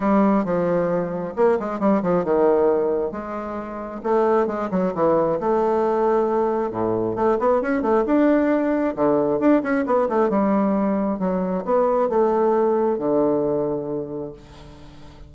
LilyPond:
\new Staff \with { instrumentName = "bassoon" } { \time 4/4 \tempo 4 = 134 g4 f2 ais8 gis8 | g8 f8 dis2 gis4~ | gis4 a4 gis8 fis8 e4 | a2. a,4 |
a8 b8 cis'8 a8 d'2 | d4 d'8 cis'8 b8 a8 g4~ | g4 fis4 b4 a4~ | a4 d2. | }